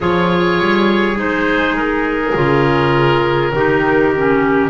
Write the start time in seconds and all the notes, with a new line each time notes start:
0.00 F3 F4 G#4 C#5
0.60 G3
1.15 G#3 D#4 C5
1.76 A#4
2.35 C#3 F4
3.53 D#3 D#4 G4
4.15 C#4